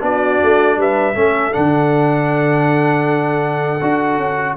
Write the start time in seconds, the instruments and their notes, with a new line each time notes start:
0.00 tuba B3, trombone D4, horn F#4, trumpet D5
0.43 tuba A3
0.77 tuba G3, horn B4, trumpet E5
1.15 tuba A3, trombone C#4, horn A4
1.52 tuba D3, trombone D4, trumpet F#5
3.81 tuba D4, trombone F#4
4.18 tuba C#4